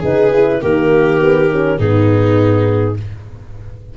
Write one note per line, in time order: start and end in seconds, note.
0.00 0.62 C#3
0.00 0.32 D#4
0.00 0.59 G#4
0.00 0.63 B4
0.34 0.62 E4
0.62 1.79 D#3
0.62 1.20 A#3
0.62 1.78 G4
0.62 1.79 A#4
1.20 1.50 B3
1.52 1.79 C#4
1.78 2.97 G#2
1.78 2.97 B3
1.78 2.96 D#4
1.78 2.97 G#4